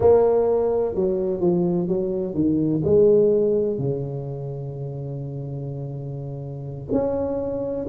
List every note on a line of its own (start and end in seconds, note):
0.00 0.94 A#3
0.94 1.40 F#3
1.40 1.87 F3
1.87 2.34 F#3
2.34 2.82 D#3
2.84 3.78 G#3
3.78 6.88 C#3
6.91 7.87 C#4